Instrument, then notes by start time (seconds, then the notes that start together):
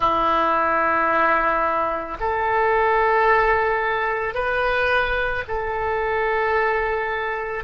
oboe
0.00 E4
2.20 A4
4.34 B4
5.48 A4